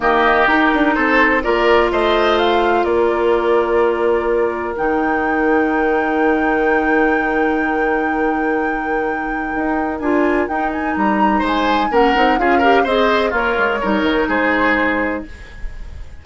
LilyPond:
<<
  \new Staff \with { instrumentName = "flute" } { \time 4/4 \tempo 4 = 126 dis''4 ais'4 c''4 d''4 | dis''4 f''4 d''2~ | d''2 g''2~ | g''1~ |
g''1~ | g''4 gis''4 g''8 gis''8 ais''4 | gis''4 fis''4 f''4 dis''4 | cis''2 c''2 | }
  \new Staff \with { instrumentName = "oboe" } { \time 4/4 g'2 a'4 ais'4 | c''2 ais'2~ | ais'1~ | ais'1~ |
ais'1~ | ais'1 | c''4 ais'4 gis'8 ais'8 c''4 | f'4 ais'4 gis'2 | }
  \new Staff \with { instrumentName = "clarinet" } { \time 4/4 ais4 dis'2 f'4~ | f'1~ | f'2 dis'2~ | dis'1~ |
dis'1~ | dis'4 f'4 dis'2~ | dis'4 cis'8 dis'8 f'8 g'8 gis'4 | ais'4 dis'2. | }
  \new Staff \with { instrumentName = "bassoon" } { \time 4/4 dis4 dis'8 d'8 c'4 ais4 | a2 ais2~ | ais2 dis2~ | dis1~ |
dis1 | dis'4 d'4 dis'4 g4 | gis4 ais8 c'8 cis'4 c'4 | ais8 gis8 g8 dis8 gis2 | }
>>